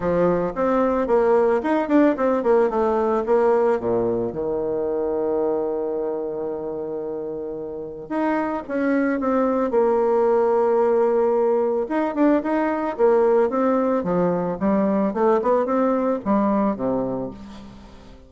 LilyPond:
\new Staff \with { instrumentName = "bassoon" } { \time 4/4 \tempo 4 = 111 f4 c'4 ais4 dis'8 d'8 | c'8 ais8 a4 ais4 ais,4 | dis1~ | dis2. dis'4 |
cis'4 c'4 ais2~ | ais2 dis'8 d'8 dis'4 | ais4 c'4 f4 g4 | a8 b8 c'4 g4 c4 | }